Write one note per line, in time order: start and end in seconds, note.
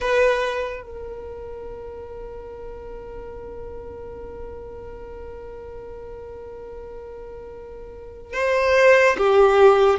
0.00 0.83 B4
0.83 8.33 A#4
8.33 9.16 C5
9.17 9.98 G4